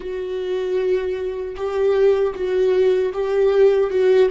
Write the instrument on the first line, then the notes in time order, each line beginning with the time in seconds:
viola
0.00 F#4
1.56 G4
2.34 F#4
3.13 G4
3.90 F#4